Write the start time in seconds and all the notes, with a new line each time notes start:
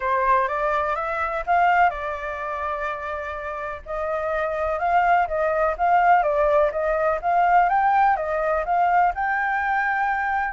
0.00 C5
0.48 D5
0.95 E5
1.46 F5
1.90 D5
3.85 D#5
4.79 F5
5.27 D#5
5.77 F5
6.23 D5
6.71 D#5
7.21 F5
7.69 G5
8.16 D#5
8.65 F5
9.14 G5